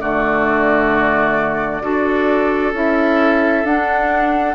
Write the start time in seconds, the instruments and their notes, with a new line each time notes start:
0.00 bassoon D3, clarinet A3, oboe F#4, flute D5
1.81 bassoon D4, clarinet F#4, oboe A4
2.73 bassoon C#4, clarinet E4, flute E5
3.64 bassoon D4, clarinet D4, flute F#5